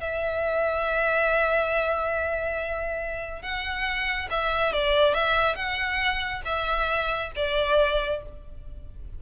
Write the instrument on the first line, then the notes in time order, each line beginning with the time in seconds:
violin
0.00 E5
3.42 F#5
4.30 E5
4.72 D5
5.14 E5
5.55 F#5
6.45 E5
7.36 D5